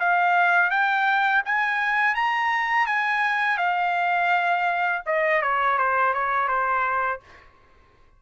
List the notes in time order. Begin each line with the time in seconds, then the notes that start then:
0.00 F5
0.71 G5
1.46 G#5
2.15 A#5
2.87 G#5
3.58 F5
5.06 D#5
5.42 C#5
5.78 C5
6.14 C#5
6.48 C5